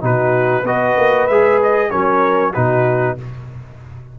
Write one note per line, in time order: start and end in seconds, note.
0.00 0.62 B2
0.00 0.63 D#4
0.00 0.63 F#4
0.00 0.66 B4
0.62 0.94 B3
0.62 1.29 F#4
0.62 1.89 B4
0.62 1.27 D#5
0.97 1.28 A#3
1.27 1.91 G#3
1.27 1.90 G#4
1.27 1.58 E5
1.63 1.90 D#5
1.90 2.55 F#3
1.90 2.53 C#4
1.90 2.53 A#4
1.90 2.53 C#5
2.53 3.19 B2
2.53 3.17 D#4
2.53 3.16 F#4
2.53 3.16 B4